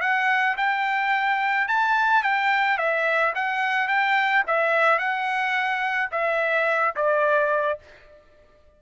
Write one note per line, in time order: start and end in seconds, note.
0.00 0.56 F#5
0.57 1.67 G5
1.67 2.23 A5
2.23 2.77 G5
2.77 3.33 E5
3.35 3.87 F#5
3.87 4.43 G5
4.47 4.98 E5
4.98 6.09 F#5
6.11 6.94 E5
6.95 7.79 D5